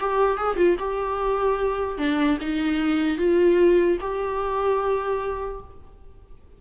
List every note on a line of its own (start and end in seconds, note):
0.00 0.37 G4
0.37 0.56 G#4
0.56 0.76 F4
0.79 1.98 G4
1.98 2.38 D4
2.40 3.17 D#4
3.17 3.97 F4
4.01 5.61 G4